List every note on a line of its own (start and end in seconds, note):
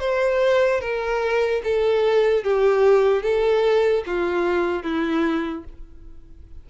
0.00 0.81 C5
0.81 1.62 A#4
1.64 2.44 A4
2.44 3.22 G4
3.22 4.04 A4
4.06 4.83 F4
4.83 5.64 E4